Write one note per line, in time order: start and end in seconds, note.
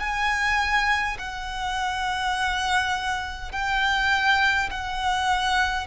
0.00 1.18 G#5
1.19 3.52 F#5
3.52 4.70 G5
4.71 5.87 F#5